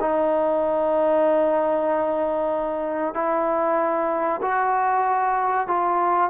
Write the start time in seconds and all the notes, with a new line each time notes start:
0.00 D#4
3.14 E4
4.42 F#4
5.67 F4